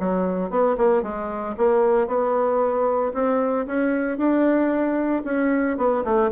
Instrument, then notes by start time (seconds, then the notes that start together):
bassoon
0.00 F#3
0.50 B3
0.78 A#3
1.03 G#3
1.58 A#3
2.08 B3
3.14 C4
3.67 C#4
4.18 D4
5.25 C#4
5.78 B3
6.04 A3